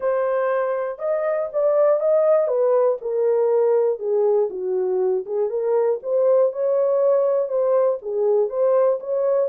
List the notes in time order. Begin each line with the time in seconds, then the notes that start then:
0.00 C5
0.98 D#5
1.52 D5
2.00 D#5
2.47 B4
3.01 A#4
3.99 G#4
4.50 F#4
5.26 G#4
5.49 A#4
6.02 C5
6.52 C#5
7.48 C5
8.01 G#4
8.49 C5
9.00 C#5